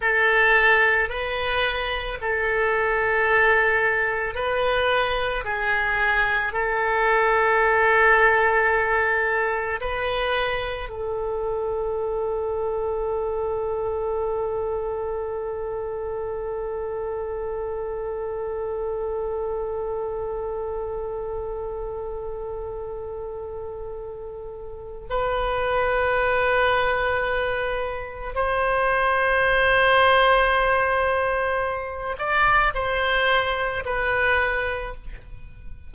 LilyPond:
\new Staff \with { instrumentName = "oboe" } { \time 4/4 \tempo 4 = 55 a'4 b'4 a'2 | b'4 gis'4 a'2~ | a'4 b'4 a'2~ | a'1~ |
a'1~ | a'2. b'4~ | b'2 c''2~ | c''4. d''8 c''4 b'4 | }